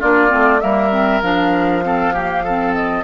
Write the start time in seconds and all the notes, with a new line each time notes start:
0.00 A#3 D4 F4 D5
0.29 A3 C4
0.60 G3 A#3 A#4 E5
0.92 C4
1.22 F3 D4 F5
1.83 C4 A4
2.14 A#3 G4
2.44 C4 A4
2.74 D#5